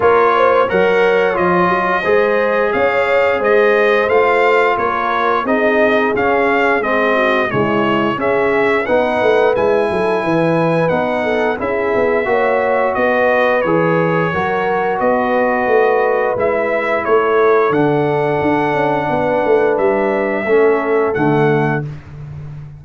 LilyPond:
<<
  \new Staff \with { instrumentName = "trumpet" } { \time 4/4 \tempo 4 = 88 cis''4 fis''4 dis''2 | f''4 dis''4 f''4 cis''4 | dis''4 f''4 dis''4 cis''4 | e''4 fis''4 gis''2 |
fis''4 e''2 dis''4 | cis''2 dis''2 | e''4 cis''4 fis''2~ | fis''4 e''2 fis''4 | }
  \new Staff \with { instrumentName = "horn" } { \time 4/4 ais'8 c''8 cis''2 c''4 | cis''4 c''2 ais'4 | gis'2~ gis'8 fis'8 e'4 | gis'4 b'4. a'8 b'4~ |
b'8 a'8 gis'4 cis''4 b'4~ | b'4 ais'4 b'2~ | b'4 a'2. | b'2 a'2 | }
  \new Staff \with { instrumentName = "trombone" } { \time 4/4 f'4 ais'4 f'4 gis'4~ | gis'2 f'2 | dis'4 cis'4 c'4 gis4 | cis'4 dis'4 e'2 |
dis'4 e'4 fis'2 | gis'4 fis'2. | e'2 d'2~ | d'2 cis'4 a4 | }
  \new Staff \with { instrumentName = "tuba" } { \time 4/4 ais4 fis4 f8 fis8 gis4 | cis'4 gis4 a4 ais4 | c'4 cis'4 gis4 cis4 | cis'4 b8 a8 gis8 fis8 e4 |
b4 cis'8 b8 ais4 b4 | e4 fis4 b4 a4 | gis4 a4 d4 d'8 cis'8 | b8 a8 g4 a4 d4 | }
>>